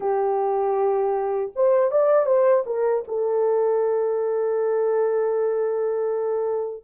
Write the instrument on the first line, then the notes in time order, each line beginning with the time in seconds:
horn
0.00 G4
1.55 C5
1.91 D5
2.26 C5
2.66 A#4
3.07 A4